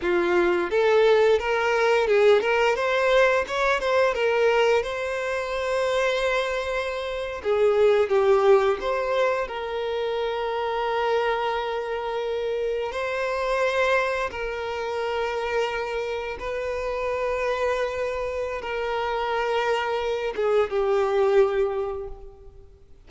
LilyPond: \new Staff \with { instrumentName = "violin" } { \time 4/4 \tempo 4 = 87 f'4 a'4 ais'4 gis'8 ais'8 | c''4 cis''8 c''8 ais'4 c''4~ | c''2~ c''8. gis'4 g'16~ | g'8. c''4 ais'2~ ais'16~ |
ais'2~ ais'8. c''4~ c''16~ | c''8. ais'2. b'16~ | b'2. ais'4~ | ais'4. gis'8 g'2 | }